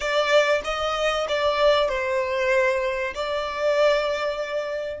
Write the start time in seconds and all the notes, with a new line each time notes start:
0.00 D5
0.64 D#5
1.28 D5
1.89 C5
3.14 D5